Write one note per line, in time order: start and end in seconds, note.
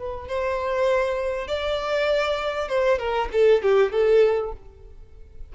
0.00 0.29 B4
0.29 1.48 C5
1.48 2.69 D5
2.69 2.99 C5
2.99 3.29 A#4
3.33 3.63 A4
3.63 3.92 G4
3.92 4.53 A4